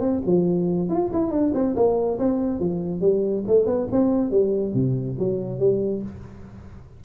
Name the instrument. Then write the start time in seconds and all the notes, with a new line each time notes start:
tuba
0.00 C4
0.26 F3
0.89 F4
1.13 E4
1.31 D4
1.54 C4
1.76 A#3
2.19 C4
2.59 F3
3.01 G3
3.47 A3
3.66 B3
3.92 C4
4.31 G3
4.74 C3
5.19 F#3
5.59 G3